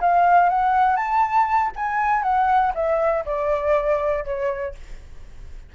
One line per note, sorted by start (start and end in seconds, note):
0.00 0.49 F5
0.49 0.96 F#5
0.96 1.71 A5
1.75 2.22 G#5
2.22 2.72 F#5
2.74 3.24 E5
3.25 4.24 D5
4.24 4.74 C#5